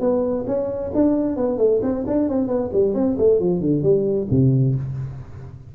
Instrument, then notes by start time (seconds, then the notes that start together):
tuba
0.00 B3
0.47 C#4
0.94 D4
1.36 B3
1.58 A3
1.82 C4
2.07 D4
2.29 C4
2.48 B3
2.73 G3
2.94 C4
3.18 A3
3.39 F3
3.60 D3
3.83 G3
4.30 C3